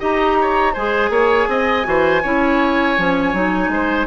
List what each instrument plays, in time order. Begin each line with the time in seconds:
0.00 bassoon D#4, clarinet G4, oboe D#5, flute A#5
0.42 oboe C#5
0.74 bassoon G#3, clarinet G#4, oboe C5, flute G#5
1.10 bassoon A#3, oboe C#5
1.48 bassoon C4, oboe D#5
1.84 bassoon E3, clarinet F#4, oboe C5
2.23 bassoon C#4, clarinet E4, oboe C#5
2.98 bassoon F3, clarinet C#4
3.33 bassoon F#3, clarinet D#4
3.69 bassoon G#3, oboe C5